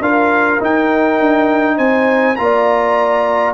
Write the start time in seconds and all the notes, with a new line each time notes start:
0.00 D4 F4 A#4 F5
0.60 D#4 G5
1.20 D4
1.77 C4 C5 G#5
2.36 A#3 F4 D5 A#5